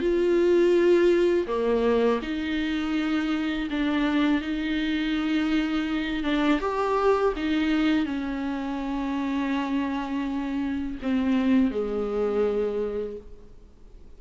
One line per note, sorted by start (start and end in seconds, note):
0.00 1.46 F4
1.47 2.20 A#3
2.22 3.69 D#4
3.70 4.41 D4
4.41 6.23 D#4
6.23 6.60 D4
6.60 7.33 G4
7.36 8.06 D#4
8.06 10.98 C#4
11.02 11.71 C4
11.71 13.17 G#3